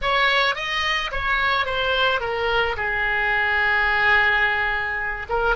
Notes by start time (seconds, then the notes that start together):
0.01 C#5
0.55 D#5
1.11 C#5
1.65 C5
2.20 A#4
2.77 G#4
5.29 A#4